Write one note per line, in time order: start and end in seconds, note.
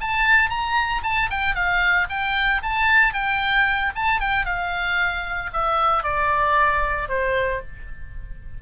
0.00 0.49 A5
0.49 1.02 A#5
1.03 1.29 A5
1.30 1.55 G5
1.55 2.07 F5
2.09 2.61 G5
2.62 3.13 A5
3.13 3.92 G5
3.95 4.20 A5
4.20 4.45 G5
4.45 5.50 F5
5.52 6.03 E5
6.03 7.08 D5
7.08 7.61 C5